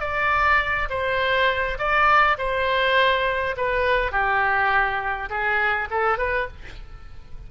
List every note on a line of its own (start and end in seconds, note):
0.00 0.88 D5
0.90 1.78 C5
1.78 2.37 D5
2.38 3.56 C5
3.57 4.11 B4
4.11 5.29 G4
5.30 5.88 G#4
5.90 6.18 A4
6.18 6.47 B4